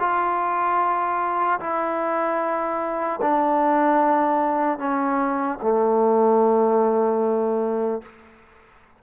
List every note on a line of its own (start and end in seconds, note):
0.00 1.60 F4
1.60 3.20 E4
3.22 4.79 D4
4.79 5.59 C#4
5.62 8.02 A3